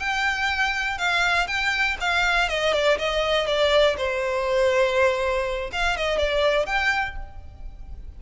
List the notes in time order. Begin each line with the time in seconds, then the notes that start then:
0.00 G5
0.98 F5
1.47 G5
2.01 F5
2.49 D#5
2.73 D5
2.98 D#5
3.47 D5
3.97 C5
5.72 F5
5.97 D#5
6.18 D5
6.66 G5